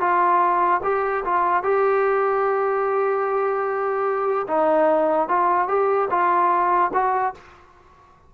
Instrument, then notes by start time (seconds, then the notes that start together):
trombone
0.00 F4
0.83 G4
1.25 F4
1.63 G4
4.48 D#4
5.29 F4
5.68 G4
6.10 F4
6.94 F#4